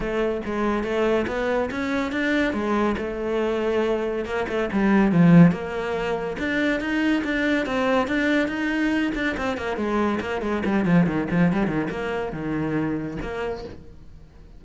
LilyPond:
\new Staff \with { instrumentName = "cello" } { \time 4/4 \tempo 4 = 141 a4 gis4 a4 b4 | cis'4 d'4 gis4 a4~ | a2 ais8 a8 g4 | f4 ais2 d'4 |
dis'4 d'4 c'4 d'4 | dis'4. d'8 c'8 ais8 gis4 | ais8 gis8 g8 f8 dis8 f8 g8 dis8 | ais4 dis2 ais4 | }